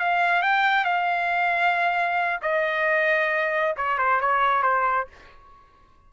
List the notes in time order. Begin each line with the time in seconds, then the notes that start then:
0.00 F5
0.43 G5
0.85 F5
2.42 D#5
3.77 C#5
3.99 C5
4.21 C#5
4.63 C5